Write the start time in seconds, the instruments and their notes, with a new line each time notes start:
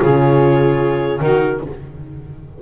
0.00 double bass C#3, viola F4, saxophone G#4, clarinet C#5
1.21 double bass D#3, viola D#4, saxophone F#4, clarinet A#4